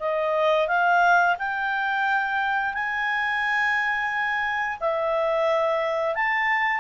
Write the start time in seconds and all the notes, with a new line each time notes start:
0.00 D#5
0.68 F5
1.39 G5
2.74 G#5
4.80 E5
6.15 A5